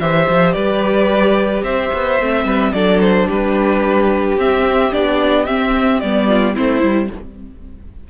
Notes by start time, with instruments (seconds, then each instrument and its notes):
0.00 cello E3, viola G4, violin C5 E5
0.29 cello F3
0.53 cello G3, violin B4 D5
1.63 cello C4, violin C5 E5
1.94 cello B3
2.21 cello A3, viola C4
2.45 cello G3, violin B4
2.73 cello F#3, viola D4, violin A4 D5
3.01 violin C5
3.28 cello G3, violin G4 B4
4.38 cello C4, viola C4, violin E5
4.92 cello B3, viola D4, violin D5
5.46 cello C4, viola C4, violin E5
6.00 cello G3, viola B3, violin D5
6.27 violin F4
6.54 cello A3, viola C4, violin E4 C5
6.81 cello G3, viola E4